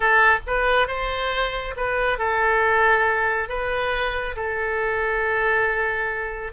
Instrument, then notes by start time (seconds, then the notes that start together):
oboe
0.00 A4
0.47 B4
0.87 C5
1.76 B4
2.18 A4
3.48 B4
4.35 A4